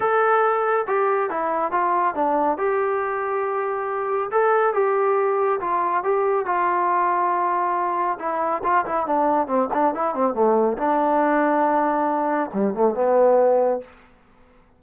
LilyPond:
\new Staff \with { instrumentName = "trombone" } { \time 4/4 \tempo 4 = 139 a'2 g'4 e'4 | f'4 d'4 g'2~ | g'2 a'4 g'4~ | g'4 f'4 g'4 f'4~ |
f'2. e'4 | f'8 e'8 d'4 c'8 d'8 e'8 c'8 | a4 d'2.~ | d'4 g8 a8 b2 | }